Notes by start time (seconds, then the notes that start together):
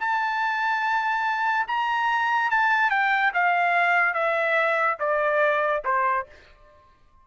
0.00 A5
1.67 A#5
2.51 A5
2.90 G5
3.34 F5
4.14 E5
5.00 D5
5.85 C5